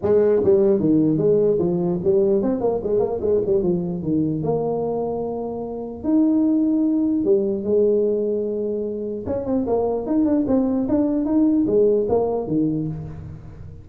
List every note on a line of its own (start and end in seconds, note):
0.02 0.42 G#3
0.44 0.79 G3
0.79 1.17 D#3
1.17 1.58 G#3
1.59 1.99 F3
2.04 2.42 G3
2.42 2.61 C4
2.61 2.81 A#3
2.83 2.99 G#3
2.99 3.19 A#3
3.20 3.40 G#3
3.46 3.62 G3
3.62 4.02 F3
4.02 4.42 D#3
4.42 6.03 A#3
6.03 7.24 D#4
7.24 7.63 G3
7.63 9.24 G#3
9.26 9.45 C#4
9.45 9.66 C4
9.66 10.06 A#3
10.06 10.25 D#4
10.25 10.45 D4
10.47 10.87 C4
10.88 11.25 D4
11.25 11.65 D#4
11.66 12.07 G#3
12.08 12.47 A#3
12.47 12.87 D#3